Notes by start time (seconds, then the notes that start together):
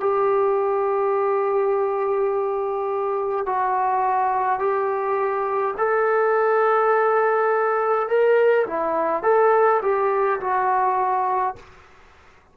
0.00 G4
3.46 F#4
4.59 G4
5.78 A4
8.09 A#4
8.67 E4
9.23 A4
9.82 G4
10.41 F#4